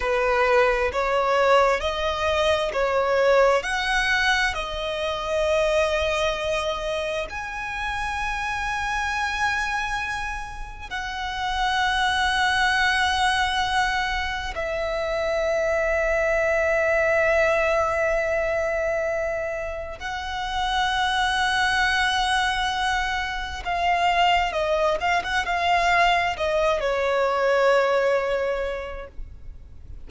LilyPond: \new Staff \with { instrumentName = "violin" } { \time 4/4 \tempo 4 = 66 b'4 cis''4 dis''4 cis''4 | fis''4 dis''2. | gis''1 | fis''1 |
e''1~ | e''2 fis''2~ | fis''2 f''4 dis''8 f''16 fis''16 | f''4 dis''8 cis''2~ cis''8 | }